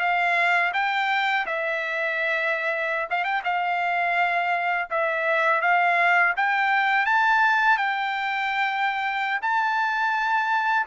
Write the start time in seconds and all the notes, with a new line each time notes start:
0.00 F5
0.74 G5
1.46 E5
3.10 F5
3.24 G5
3.44 F5
4.90 E5
5.62 F5
6.37 G5
7.06 A5
7.77 G5
9.42 A5